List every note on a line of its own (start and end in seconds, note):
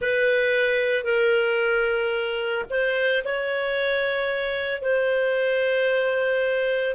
0.00 1.04 B4
1.04 2.64 A#4
2.69 3.23 C5
3.24 4.81 C#5
4.81 6.94 C5